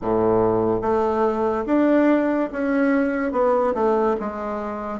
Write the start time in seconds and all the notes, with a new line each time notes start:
0.01 A2
0.81 A3
1.66 D4
2.52 C#4
3.31 B3
3.74 A3
4.20 G#3